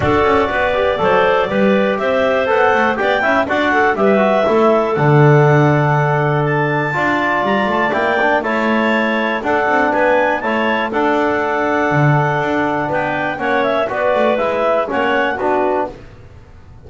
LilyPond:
<<
  \new Staff \with { instrumentName = "clarinet" } { \time 4/4 \tempo 4 = 121 d''1 | e''4 fis''4 g''4 fis''4 | e''2 fis''2~ | fis''4 a''2 ais''8 a''8 |
g''4 a''2 fis''4 | gis''4 a''4 fis''2~ | fis''2 g''4 fis''8 e''8 | d''4 e''4 fis''4 b'4 | }
  \new Staff \with { instrumentName = "clarinet" } { \time 4/4 a'4 b'4 c''4 b'4 | c''2 d''8 e''8 d''8 a'8 | b'4 a'2.~ | a'2 d''2~ |
d''4 cis''2 a'4 | b'4 cis''4 a'2~ | a'2 b'4 cis''4 | b'2 cis''4 fis'4 | }
  \new Staff \with { instrumentName = "trombone" } { \time 4/4 fis'4. g'8 a'4 g'4~ | g'4 a'4 g'8 e'8 fis'4 | g'8 fis'8 e'4 d'2~ | d'2 f'2 |
e'8 d'8 e'2 d'4~ | d'4 e'4 d'2~ | d'2. cis'4 | fis'4 e'4 cis'4 d'4 | }
  \new Staff \with { instrumentName = "double bass" } { \time 4/4 d'8 cis'8 b4 fis4 g4 | c'4 b8 a8 b8 cis'8 d'4 | g4 a4 d2~ | d2 d'4 g8 a8 |
ais4 a2 d'8 c'8 | b4 a4 d'2 | d4 d'4 b4 ais4 | b8 a8 gis4 ais4 b4 | }
>>